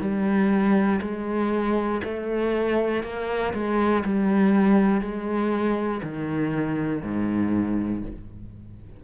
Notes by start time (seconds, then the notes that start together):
0.00 G3
1.01 G#3
2.04 A3
3.03 A#3
3.54 G#3
4.05 G3
5.01 G#3
6.03 D#3
7.02 G#2